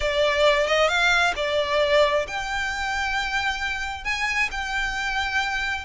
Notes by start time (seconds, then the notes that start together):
0.00 D5
0.66 D#5
0.88 F5
1.36 D5
2.27 G5
4.04 G#5
4.51 G5